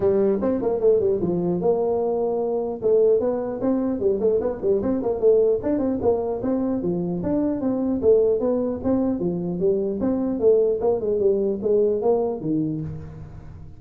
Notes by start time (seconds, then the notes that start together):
0.00 G3
0.41 C4
0.61 A#3
0.79 A3
1.00 G3
1.20 F3
1.60 A#3
2.82 A3
3.19 B3
3.61 C4
3.99 G3
4.20 A3
4.41 B3
4.61 G3
4.81 C4
5.02 A#3
5.19 A3
5.63 D4
5.78 C4
6.01 A#3
6.42 C4
6.82 F3
7.22 D4
7.60 C4
8.01 A3
8.40 B3
8.83 C4
9.19 F3
9.59 G3
10.00 C4
10.39 A3
10.80 A#3
11.00 G#3
11.19 G3
11.62 G#3
12.01 A#3
12.40 D#3